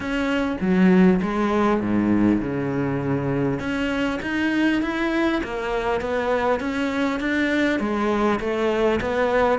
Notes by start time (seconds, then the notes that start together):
0.00 C#4
0.60 F#3
1.22 G#3
1.80 G#2
2.41 C#3
3.59 C#4
4.22 D#4
4.82 E4
5.43 A#3
6.00 B3
6.60 C#4
7.20 D4
7.79 G#3
8.39 A3
9.00 B3